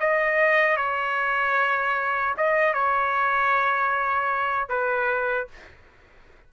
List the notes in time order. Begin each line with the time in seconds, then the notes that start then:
0.00 D#5
0.77 C#5
2.37 D#5
2.73 C#5
4.69 B4